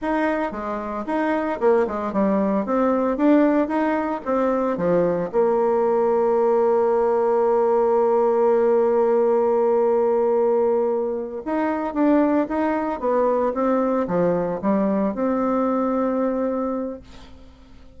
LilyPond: \new Staff \with { instrumentName = "bassoon" } { \time 4/4 \tempo 4 = 113 dis'4 gis4 dis'4 ais8 gis8 | g4 c'4 d'4 dis'4 | c'4 f4 ais2~ | ais1~ |
ais1~ | ais4. dis'4 d'4 dis'8~ | dis'8 b4 c'4 f4 g8~ | g8 c'2.~ c'8 | }